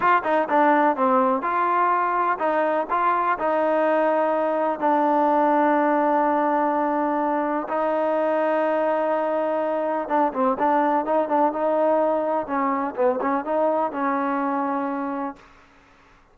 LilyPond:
\new Staff \with { instrumentName = "trombone" } { \time 4/4 \tempo 4 = 125 f'8 dis'8 d'4 c'4 f'4~ | f'4 dis'4 f'4 dis'4~ | dis'2 d'2~ | d'1 |
dis'1~ | dis'4 d'8 c'8 d'4 dis'8 d'8 | dis'2 cis'4 b8 cis'8 | dis'4 cis'2. | }